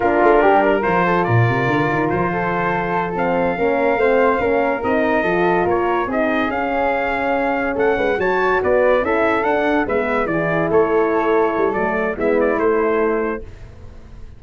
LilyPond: <<
  \new Staff \with { instrumentName = "trumpet" } { \time 4/4 \tempo 4 = 143 ais'2 c''4 d''4~ | d''4 c''2~ c''8 f''8~ | f''2.~ f''8 dis''8~ | dis''4. cis''4 dis''4 f''8~ |
f''2~ f''8 fis''4 a''8~ | a''8 d''4 e''4 fis''4 e''8~ | e''8 d''4 cis''2~ cis''8 | d''4 e''8 d''8 c''2 | }
  \new Staff \with { instrumentName = "flute" } { \time 4/4 f'4 g'8 ais'4 a'8 ais'4~ | ais'4. a'2~ a'8~ | a'8 ais'4 c''4 ais'4.~ | ais'8 a'4 ais'4 gis'4.~ |
gis'2~ gis'8 a'8 b'8 cis''8~ | cis''8 b'4 a'2 b'8~ | b'8 gis'4 a'2~ a'8~ | a'4 e'2. | }
  \new Staff \with { instrumentName = "horn" } { \time 4/4 d'2 f'2~ | f'2.~ f'8 c'8~ | c'8 cis'4 c'4 cis'4 dis'8~ | dis'8 f'2 dis'4 cis'8~ |
cis'2.~ cis'8 fis'8~ | fis'4. e'4 d'4 b8~ | b8 e'2.~ e'8 | a4 b4 a2 | }
  \new Staff \with { instrumentName = "tuba" } { \time 4/4 ais8 a8 g4 f4 ais,8 c8 | d8 dis8 f2.~ | f8 ais4 a4 ais4 c'8~ | c'8 f4 ais4 c'4 cis'8~ |
cis'2~ cis'8 a8 gis8 fis8~ | fis8 b4 cis'4 d'4 gis8~ | gis8 e4 a2 g8 | fis4 gis4 a2 | }
>>